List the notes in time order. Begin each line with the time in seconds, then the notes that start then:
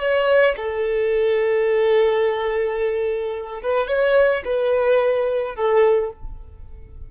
0.00 C#5
0.57 A4
3.63 B4
3.88 C#5
4.45 B4
5.56 A4